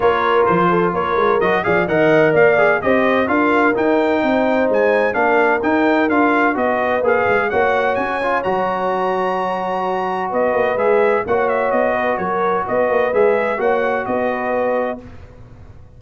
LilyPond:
<<
  \new Staff \with { instrumentName = "trumpet" } { \time 4/4 \tempo 4 = 128 cis''4 c''4 cis''4 dis''8 f''8 | fis''4 f''4 dis''4 f''4 | g''2 gis''4 f''4 | g''4 f''4 dis''4 f''4 |
fis''4 gis''4 ais''2~ | ais''2 dis''4 e''4 | fis''8 e''8 dis''4 cis''4 dis''4 | e''4 fis''4 dis''2 | }
  \new Staff \with { instrumentName = "horn" } { \time 4/4 ais'4. a'8 ais'4. d''8 | dis''4 d''4 c''4 ais'4~ | ais'4 c''2 ais'4~ | ais'2 b'2 |
cis''1~ | cis''2 b'2 | cis''4. b'8 ais'4 b'4~ | b'4 cis''4 b'2 | }
  \new Staff \with { instrumentName = "trombone" } { \time 4/4 f'2. fis'8 gis'8 | ais'4. gis'8 g'4 f'4 | dis'2. d'4 | dis'4 f'4 fis'4 gis'4 |
fis'4. f'8 fis'2~ | fis'2. gis'4 | fis'1 | gis'4 fis'2. | }
  \new Staff \with { instrumentName = "tuba" } { \time 4/4 ais4 f4 ais8 gis8 fis8 f8 | dis4 ais4 c'4 d'4 | dis'4 c'4 gis4 ais4 | dis'4 d'4 b4 ais8 gis8 |
ais4 cis'4 fis2~ | fis2 b8 ais8 gis4 | ais4 b4 fis4 b8 ais8 | gis4 ais4 b2 | }
>>